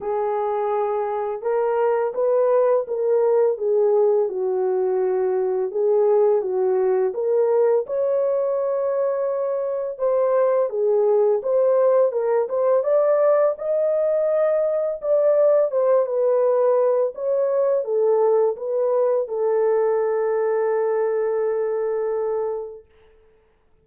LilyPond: \new Staff \with { instrumentName = "horn" } { \time 4/4 \tempo 4 = 84 gis'2 ais'4 b'4 | ais'4 gis'4 fis'2 | gis'4 fis'4 ais'4 cis''4~ | cis''2 c''4 gis'4 |
c''4 ais'8 c''8 d''4 dis''4~ | dis''4 d''4 c''8 b'4. | cis''4 a'4 b'4 a'4~ | a'1 | }